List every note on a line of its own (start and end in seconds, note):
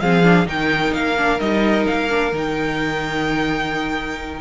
0.00 0.46 F3
0.00 0.23 C4
0.00 0.48 G#4
0.00 0.47 F5
0.23 0.46 D4
0.46 0.92 D#3
0.46 1.15 D#4
0.46 4.40 A#4
0.46 0.94 G5
0.93 1.39 A#3
0.93 1.39 F5
1.17 1.39 D4
1.39 1.86 G3
1.39 2.09 D#4
1.39 1.86 D#5
1.87 2.32 A#3
1.87 2.33 F5
2.09 2.32 D4
2.32 4.40 D#3
2.32 4.40 D#4
2.32 4.40 G5